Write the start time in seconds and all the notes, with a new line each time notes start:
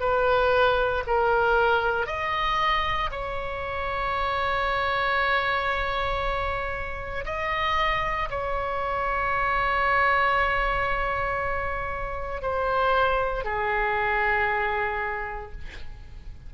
0.00 B4
1.07 A#4
2.06 D#5
3.11 C#5
7.25 D#5
8.30 C#5
12.42 C5
13.44 G#4